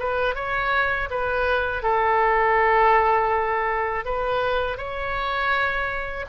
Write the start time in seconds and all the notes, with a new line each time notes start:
0.00 B4
0.35 C#5
1.11 B4
1.83 A4
4.05 B4
4.77 C#5